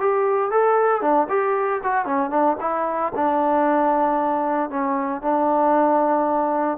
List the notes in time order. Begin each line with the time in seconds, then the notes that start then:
0.00 G4
0.51 A4
1.02 D4
1.29 G4
1.84 F#4
2.06 C#4
2.31 D4
2.61 E4
3.16 D4
4.70 C#4
5.22 D4